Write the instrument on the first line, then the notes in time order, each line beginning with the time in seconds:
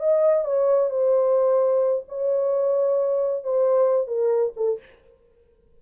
horn
0.00 D#5
0.45 C#5
0.90 C5
2.09 C#5
3.44 C5
4.08 A#4
4.57 A4